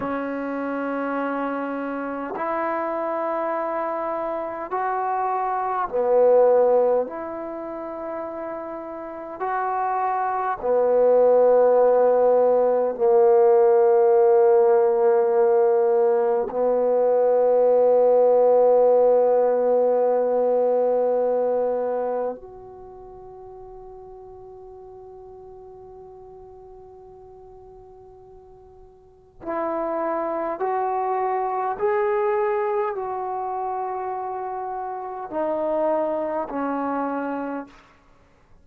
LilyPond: \new Staff \with { instrumentName = "trombone" } { \time 4/4 \tempo 4 = 51 cis'2 e'2 | fis'4 b4 e'2 | fis'4 b2 ais4~ | ais2 b2~ |
b2. fis'4~ | fis'1~ | fis'4 e'4 fis'4 gis'4 | fis'2 dis'4 cis'4 | }